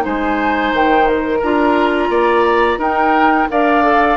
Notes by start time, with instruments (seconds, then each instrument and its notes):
0.00 bassoon G#3, clarinet D#4, oboe C5, flute G#5
0.72 bassoon D#3, flute G5
1.08 flute A#4
1.38 bassoon D4, clarinet F4, oboe A#4, flute A#5
2.09 bassoon A#3, oboe D5
2.77 bassoon D#4, clarinet D#4, oboe A#4, flute G5
3.49 bassoon D4, clarinet A#4, oboe D5, flute F5
3.83 clarinet A4